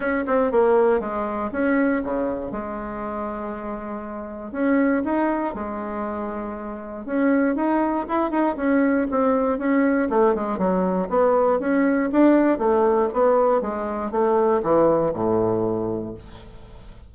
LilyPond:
\new Staff \with { instrumentName = "bassoon" } { \time 4/4 \tempo 4 = 119 cis'8 c'8 ais4 gis4 cis'4 | cis4 gis2.~ | gis4 cis'4 dis'4 gis4~ | gis2 cis'4 dis'4 |
e'8 dis'8 cis'4 c'4 cis'4 | a8 gis8 fis4 b4 cis'4 | d'4 a4 b4 gis4 | a4 e4 a,2 | }